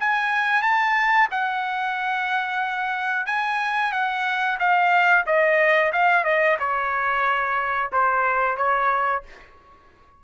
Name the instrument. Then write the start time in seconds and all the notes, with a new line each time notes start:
trumpet
0.00 G#5
0.62 A5
1.31 F#5
3.26 G#5
3.92 F#5
4.59 F5
5.26 D#5
5.93 F5
6.24 D#5
6.59 C#5
7.92 C5
8.57 C#5